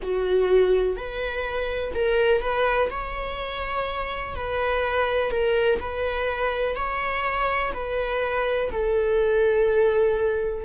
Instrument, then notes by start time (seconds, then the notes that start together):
viola
0.02 F#4
0.96 B4
1.94 A#4
2.41 B4
2.89 C#5
4.35 B4
5.30 A#4
5.79 B4
6.75 C#5
7.73 B4
8.71 A4